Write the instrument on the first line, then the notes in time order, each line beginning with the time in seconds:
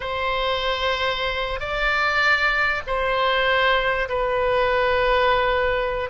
oboe
0.00 C5
1.60 D5
2.86 C5
4.08 B4